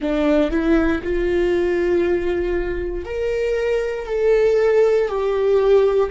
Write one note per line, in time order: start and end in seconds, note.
0.00 0.50 D4
0.50 1.01 E4
1.03 3.05 F4
3.05 4.06 A#4
4.06 5.08 A4
5.08 6.10 G4